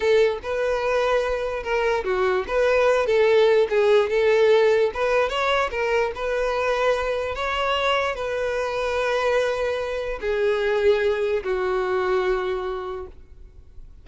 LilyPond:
\new Staff \with { instrumentName = "violin" } { \time 4/4 \tempo 4 = 147 a'4 b'2. | ais'4 fis'4 b'4. a'8~ | a'4 gis'4 a'2 | b'4 cis''4 ais'4 b'4~ |
b'2 cis''2 | b'1~ | b'4 gis'2. | fis'1 | }